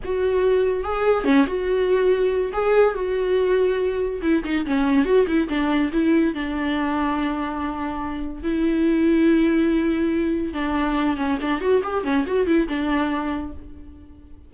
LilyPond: \new Staff \with { instrumentName = "viola" } { \time 4/4 \tempo 4 = 142 fis'2 gis'4 cis'8 fis'8~ | fis'2 gis'4 fis'4~ | fis'2 e'8 dis'8 cis'4 | fis'8 e'8 d'4 e'4 d'4~ |
d'1 | e'1~ | e'4 d'4. cis'8 d'8 fis'8 | g'8 cis'8 fis'8 e'8 d'2 | }